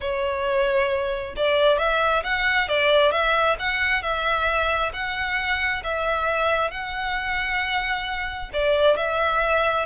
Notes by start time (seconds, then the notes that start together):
0.01 C#5
1.36 D5
1.78 E5
2.23 F#5
2.68 D5
3.11 E5
3.59 F#5
4.02 E5
4.93 F#5
5.83 E5
6.70 F#5
8.53 D5
8.97 E5